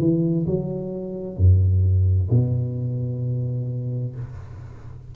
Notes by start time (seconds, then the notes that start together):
0.00 E3
0.47 F#3
1.37 F#2
2.31 B2